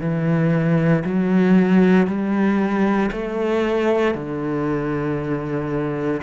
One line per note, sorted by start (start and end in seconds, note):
0.00 1.03 E3
1.05 2.07 F#3
2.07 3.10 G3
3.12 4.15 A3
4.15 6.22 D3